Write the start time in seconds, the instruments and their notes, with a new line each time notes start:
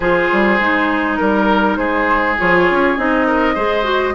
0.00 bassoon F3, clarinet F4, oboe G#4, flute C5
0.32 bassoon G3
0.60 bassoon G#3, clarinet D#4
1.16 bassoon G3, flute A#4, oboe A#4
1.76 bassoon G#3, oboe G#4, flute C5
2.38 bassoon F3, clarinet F4, flute C#5
2.70 bassoon C#4
2.97 bassoon C4, clarinet D#4, flute D#5
3.26 oboe A#4
3.54 bassoon G#3, clarinet G#4, oboe C5
3.83 clarinet F#4